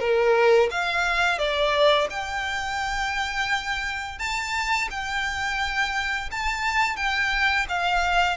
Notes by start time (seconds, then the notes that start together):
0.00 A#4
0.71 F5
1.39 D5
2.10 G5
4.19 A5
4.91 G5
6.31 A5
6.97 G5
7.69 F5